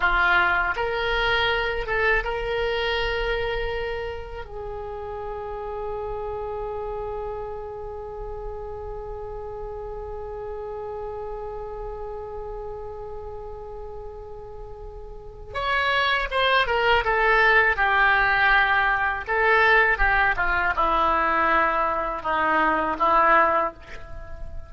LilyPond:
\new Staff \with { instrumentName = "oboe" } { \time 4/4 \tempo 4 = 81 f'4 ais'4. a'8 ais'4~ | ais'2 gis'2~ | gis'1~ | gis'1~ |
gis'1~ | gis'4 cis''4 c''8 ais'8 a'4 | g'2 a'4 g'8 f'8 | e'2 dis'4 e'4 | }